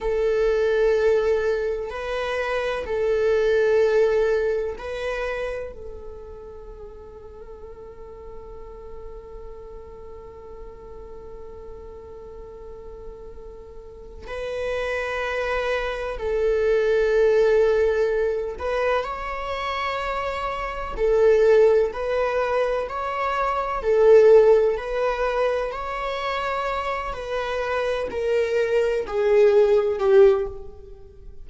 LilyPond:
\new Staff \with { instrumentName = "viola" } { \time 4/4 \tempo 4 = 63 a'2 b'4 a'4~ | a'4 b'4 a'2~ | a'1~ | a'2. b'4~ |
b'4 a'2~ a'8 b'8 | cis''2 a'4 b'4 | cis''4 a'4 b'4 cis''4~ | cis''8 b'4 ais'4 gis'4 g'8 | }